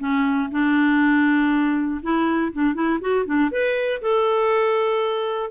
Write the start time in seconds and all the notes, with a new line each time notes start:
0.00 C#4
0.52 D4
2.03 E4
2.53 D4
2.75 E4
3.01 F#4
3.26 D4
3.52 B4
4.02 A4